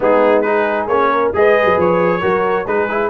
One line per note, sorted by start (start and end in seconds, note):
0.00 0.87 G#3
0.00 0.44 B3
0.00 0.44 D#4
0.00 0.41 G#4
0.41 0.89 D#4
0.41 1.11 G#4
0.41 0.86 B4
0.87 1.32 A#3
0.87 1.33 C#4
0.87 1.31 C#5
1.11 1.33 A#4
1.33 1.65 G#3
1.33 2.21 G#4
1.33 2.20 B4
1.33 1.80 D#5
1.65 1.76 F#3
1.77 2.22 F3
1.77 2.67 C#5
2.20 2.67 F#3
2.20 2.65 F#4
2.20 2.65 A#4
2.67 3.10 G#3
2.67 2.89 D#4
2.67 3.10 G#4
2.67 3.10 B4
2.89 3.10 E4